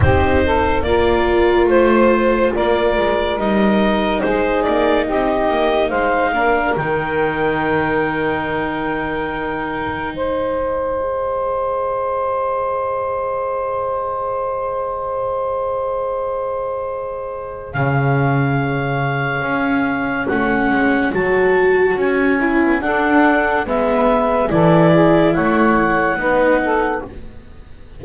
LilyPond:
<<
  \new Staff \with { instrumentName = "clarinet" } { \time 4/4 \tempo 4 = 71 c''4 d''4 c''4 d''4 | dis''4 c''8 d''8 dis''4 f''4 | g''1 | dis''1~ |
dis''1~ | dis''4 f''2. | fis''4 a''4 gis''4 fis''4 | e''4 d''4 fis''2 | }
  \new Staff \with { instrumentName = "saxophone" } { \time 4/4 g'8 a'8 ais'4 c''4 ais'4~ | ais'4 gis'4 g'4 c''8 ais'8~ | ais'1 | c''1~ |
c''1~ | c''4 cis''2.~ | cis''2~ cis''8. b16 a'4 | b'4 a'8 gis'8 cis''4 b'8 a'8 | }
  \new Staff \with { instrumentName = "viola" } { \time 4/4 dis'4 f'2. | dis'2.~ dis'8 d'8 | dis'1~ | dis'4 gis'2.~ |
gis'1~ | gis'1 | cis'4 fis'4. e'8 d'4 | b4 e'2 dis'4 | }
  \new Staff \with { instrumentName = "double bass" } { \time 4/4 c'4 ais4 a4 ais8 gis8 | g4 gis8 ais8 c'8 ais8 gis8 ais8 | dis1 | gis1~ |
gis1~ | gis4 cis2 cis'4 | a8 gis8 fis4 cis'4 d'4 | gis4 e4 a4 b4 | }
>>